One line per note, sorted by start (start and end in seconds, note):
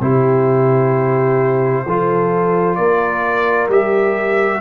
0.00 1.85 C3
0.00 1.86 E4
0.00 1.85 G4
0.00 2.75 C5
1.85 2.78 F3
1.85 3.70 F4
1.85 2.78 A4
2.75 3.68 A#3
2.75 4.61 A#4
2.75 3.67 D5
3.68 4.60 G3
3.68 4.61 G4
3.68 4.61 E5